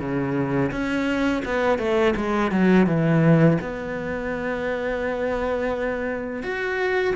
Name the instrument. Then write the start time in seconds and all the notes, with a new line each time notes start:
cello
0.00 C#3
0.71 C#4
1.45 B3
1.79 A3
2.17 G#3
2.52 F#3
2.87 E3
3.61 B3
6.43 F#4